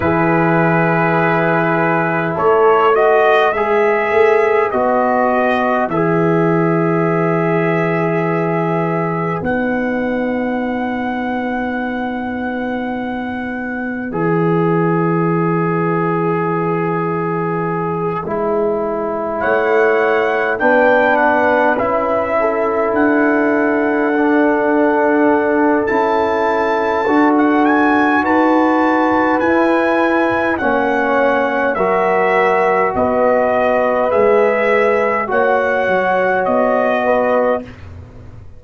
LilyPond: <<
  \new Staff \with { instrumentName = "trumpet" } { \time 4/4 \tempo 4 = 51 b'2 cis''8 dis''8 e''4 | dis''4 e''2. | fis''1 | e''1~ |
e''8 fis''4 g''8 fis''8 e''4 fis''8~ | fis''2 a''4~ a''16 fis''16 gis''8 | a''4 gis''4 fis''4 e''4 | dis''4 e''4 fis''4 dis''4 | }
  \new Staff \with { instrumentName = "horn" } { \time 4/4 gis'2 a'8 b'4.~ | b'1~ | b'1~ | b'1~ |
b'8 cis''4 b'4. a'4~ | a'1 | b'2 cis''4 ais'4 | b'2 cis''4. b'8 | }
  \new Staff \with { instrumentName = "trombone" } { \time 4/4 e'2~ e'8 fis'8 gis'4 | fis'4 gis'2. | dis'1 | gis'2.~ gis'8 e'8~ |
e'4. d'4 e'4.~ | e'8 d'4. e'4 fis'4~ | fis'4 e'4 cis'4 fis'4~ | fis'4 gis'4 fis'2 | }
  \new Staff \with { instrumentName = "tuba" } { \time 4/4 e2 a4 gis8 a8 | b4 e2. | b1 | e2.~ e8 gis8~ |
gis8 a4 b4 cis'4 d'8~ | d'2 cis'4 d'4 | dis'4 e'4 ais4 fis4 | b4 gis4 ais8 fis8 b4 | }
>>